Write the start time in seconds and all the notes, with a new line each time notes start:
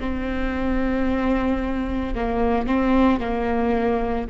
0.00 C4
2.15 A#3
2.67 C4
3.20 A#3